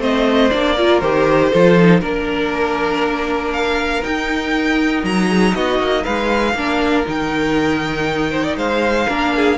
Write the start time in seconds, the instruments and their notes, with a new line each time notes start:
0.00 cello A3, viola C4, violin C5 D#5
0.51 cello A#3, viola D4, violin D5
0.76 viola F4, violin A#4
1.01 cello D#3, viola G4, violin C5
1.51 cello F3, viola F4, violin A4
1.79 viola D#4
2.00 cello A#3, viola D4, violin A#4
3.53 violin F5
4.03 viola D#4, cello D#4, violin G5
5.04 cello F#3, violin A#5
5.28 violin G#4
5.55 cello B3, violin F#4 D#5
5.80 cello A#3
6.04 cello G#3, violin B4 F5
6.54 cello A#3, viola D4, violin A#4
7.06 cello D#3, viola D#4, violin G5
8.32 violin C5
8.44 violin D5
8.57 cello G#3, violin C5 F5
9.08 cello A#3, viola D4, violin A#4
9.36 violin G#4